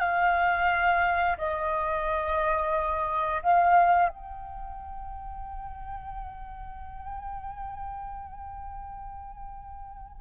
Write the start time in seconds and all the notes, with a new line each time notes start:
0.00 F5
1.37 D#5
3.42 F5
4.08 G5